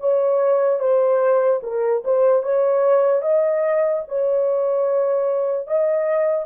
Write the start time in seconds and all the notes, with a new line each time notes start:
0.00 C#5
0.80 C5
1.63 A#4
2.05 C5
2.43 C#5
3.22 D#5
4.08 C#5
5.67 D#5